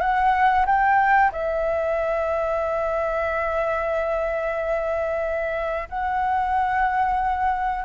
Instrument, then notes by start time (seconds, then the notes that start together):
flute
0.00 F#5
0.66 G5
1.32 E5
5.89 F#5